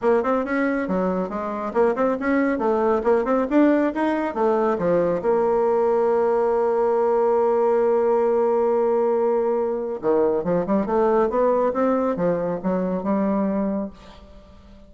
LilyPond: \new Staff \with { instrumentName = "bassoon" } { \time 4/4 \tempo 4 = 138 ais8 c'8 cis'4 fis4 gis4 | ais8 c'8 cis'4 a4 ais8 c'8 | d'4 dis'4 a4 f4 | ais1~ |
ais1~ | ais2. dis4 | f8 g8 a4 b4 c'4 | f4 fis4 g2 | }